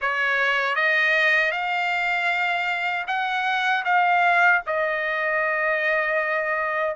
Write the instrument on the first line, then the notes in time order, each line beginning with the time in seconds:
trumpet
0.01 C#5
0.75 D#5
1.51 F5
3.07 F#5
3.84 F5
4.66 D#5